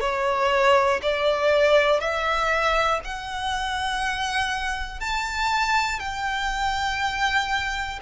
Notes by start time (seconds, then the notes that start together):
0.00 C#5
1.02 D5
2.00 E5
3.04 F#5
5.00 A5
5.99 G5